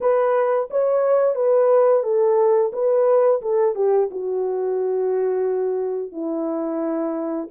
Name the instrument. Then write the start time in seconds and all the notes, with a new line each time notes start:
horn
0.00 B4
0.70 C#5
1.35 B4
2.03 A4
2.73 B4
3.41 A4
3.75 G4
4.10 F#4
6.11 E4